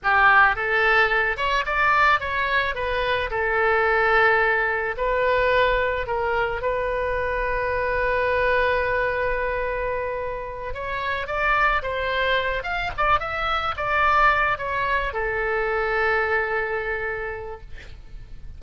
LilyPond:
\new Staff \with { instrumentName = "oboe" } { \time 4/4 \tempo 4 = 109 g'4 a'4. cis''8 d''4 | cis''4 b'4 a'2~ | a'4 b'2 ais'4 | b'1~ |
b'2.~ b'8 cis''8~ | cis''8 d''4 c''4. f''8 d''8 | e''4 d''4. cis''4 a'8~ | a'1 | }